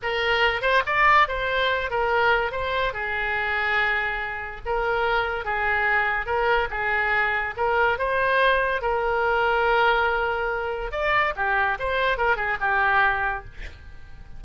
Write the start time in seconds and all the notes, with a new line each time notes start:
0.02 A#4
0.61 C5
0.85 D5
1.27 C5
1.90 A#4
2.51 C5
2.93 G#4
4.65 A#4
5.44 G#4
6.26 A#4
6.70 G#4
7.56 A#4
7.98 C5
8.81 A#4
10.91 D5
11.36 G4
11.79 C5
12.17 A#4
12.36 G#4
12.60 G4